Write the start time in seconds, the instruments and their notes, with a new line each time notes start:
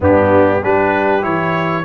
0.00 tuba G2, trombone B3, horn D4, trumpet G4
0.60 tuba G3, trombone D4, horn G4, trumpet B4
1.22 tuba E3, trombone E4, trumpet C#5